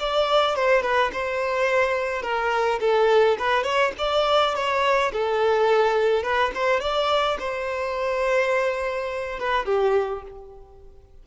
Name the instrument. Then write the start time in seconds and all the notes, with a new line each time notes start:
violin
0.00 D5
0.56 C5
0.83 B4
1.13 C5
2.22 A#4
2.81 A4
3.39 B4
3.63 C#5
3.98 D5
4.55 C#5
5.13 A4
6.23 B4
6.55 C5
6.81 D5
7.39 C5
9.40 B4
9.66 G4